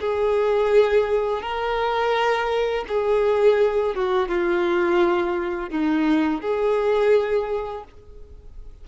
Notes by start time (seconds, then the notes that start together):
0.00 G#4
1.42 A#4
2.88 G#4
3.95 F#4
4.28 F4
5.70 D#4
6.41 G#4